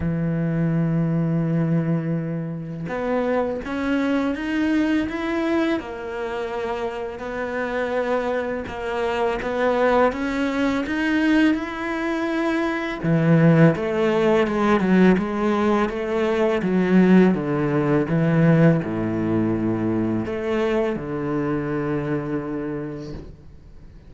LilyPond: \new Staff \with { instrumentName = "cello" } { \time 4/4 \tempo 4 = 83 e1 | b4 cis'4 dis'4 e'4 | ais2 b2 | ais4 b4 cis'4 dis'4 |
e'2 e4 a4 | gis8 fis8 gis4 a4 fis4 | d4 e4 a,2 | a4 d2. | }